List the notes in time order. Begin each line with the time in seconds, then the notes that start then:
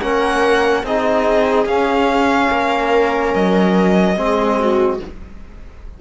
0.00 A#3 C#4 A#4 F#5
0.83 C4 D#4 G#4 D#5
1.66 C#4 F5
2.51 A#3 A#4
3.34 F#3 D#5
4.16 G#3 C4 G#4
4.60 F#4